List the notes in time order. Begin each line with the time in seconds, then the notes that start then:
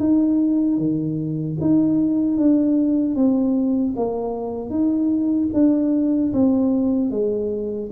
0.00 D#4
0.78 D#3
1.61 D#4
2.38 D4
3.16 C4
3.97 A#3
4.70 D#4
5.54 D4
6.33 C4
7.11 G#3